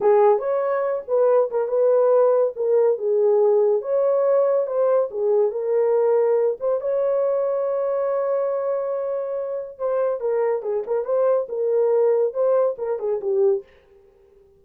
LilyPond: \new Staff \with { instrumentName = "horn" } { \time 4/4 \tempo 4 = 141 gis'4 cis''4. b'4 ais'8 | b'2 ais'4 gis'4~ | gis'4 cis''2 c''4 | gis'4 ais'2~ ais'8 c''8 |
cis''1~ | cis''2. c''4 | ais'4 gis'8 ais'8 c''4 ais'4~ | ais'4 c''4 ais'8 gis'8 g'4 | }